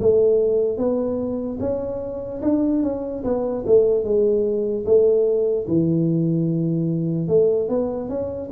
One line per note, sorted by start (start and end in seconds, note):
0.00 0.77 A3
0.77 1.58 B3
1.60 2.41 C#4
2.42 2.83 D4
2.83 3.23 C#4
3.24 3.64 B3
3.66 4.04 A3
4.04 4.85 G#3
4.85 5.66 A3
5.68 7.28 E3
7.28 7.69 A3
7.69 8.09 B3
8.09 8.50 C#4